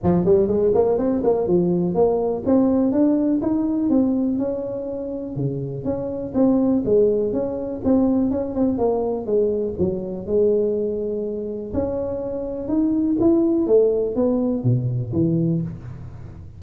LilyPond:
\new Staff \with { instrumentName = "tuba" } { \time 4/4 \tempo 4 = 123 f8 g8 gis8 ais8 c'8 ais8 f4 | ais4 c'4 d'4 dis'4 | c'4 cis'2 cis4 | cis'4 c'4 gis4 cis'4 |
c'4 cis'8 c'8 ais4 gis4 | fis4 gis2. | cis'2 dis'4 e'4 | a4 b4 b,4 e4 | }